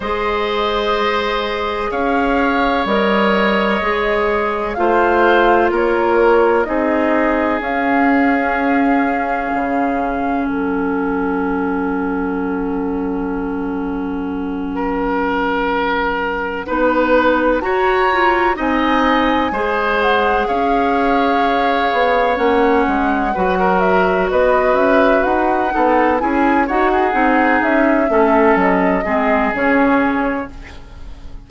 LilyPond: <<
  \new Staff \with { instrumentName = "flute" } { \time 4/4 \tempo 4 = 63 dis''2 f''4 dis''4~ | dis''4 f''4 cis''4 dis''4 | f''2. fis''4~ | fis''1~ |
fis''2~ fis''8 ais''4 gis''8~ | gis''4 fis''8 f''2 fis''8~ | fis''4 e''8 dis''8 e''8 fis''4 gis''8 | fis''4 e''4 dis''4 cis''4 | }
  \new Staff \with { instrumentName = "oboe" } { \time 4/4 c''2 cis''2~ | cis''4 c''4 ais'4 gis'4~ | gis'2. a'4~ | a'2.~ a'8 ais'8~ |
ais'4. b'4 cis''4 dis''8~ | dis''8 c''4 cis''2~ cis''8~ | cis''8 b'16 ais'8. b'4. a'8 gis'8 | cis''16 gis'4~ gis'16 a'4 gis'4. | }
  \new Staff \with { instrumentName = "clarinet" } { \time 4/4 gis'2. ais'4 | gis'4 f'2 dis'4 | cis'1~ | cis'1~ |
cis'4. dis'4 fis'8 f'8 dis'8~ | dis'8 gis'2. cis'8~ | cis'8 fis'2~ fis'8 dis'8 e'8 | fis'8 dis'4 cis'4 c'8 cis'4 | }
  \new Staff \with { instrumentName = "bassoon" } { \time 4/4 gis2 cis'4 g4 | gis4 a4 ais4 c'4 | cis'2 cis4 fis4~ | fis1~ |
fis4. b4 fis'4 c'8~ | c'8 gis4 cis'4. b8 ais8 | gis8 fis4 b8 cis'8 dis'8 b8 cis'8 | dis'8 c'8 cis'8 a8 fis8 gis8 cis4 | }
>>